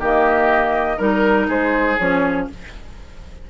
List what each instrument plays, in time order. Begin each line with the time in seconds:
0.00 bassoon D#3, clarinet A#3, oboe G4, flute D#5
0.98 bassoon G3, clarinet D#4, oboe A#4, flute A#4
1.49 bassoon G#3, oboe G#4, flute C5
1.99 bassoon F3, clarinet C#4, flute C#5